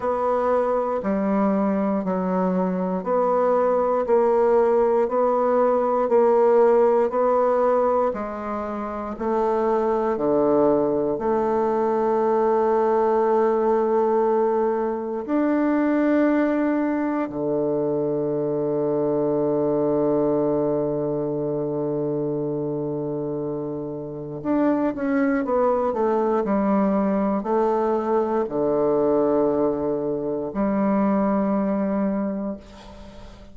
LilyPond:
\new Staff \with { instrumentName = "bassoon" } { \time 4/4 \tempo 4 = 59 b4 g4 fis4 b4 | ais4 b4 ais4 b4 | gis4 a4 d4 a4~ | a2. d'4~ |
d'4 d2.~ | d1 | d'8 cis'8 b8 a8 g4 a4 | d2 g2 | }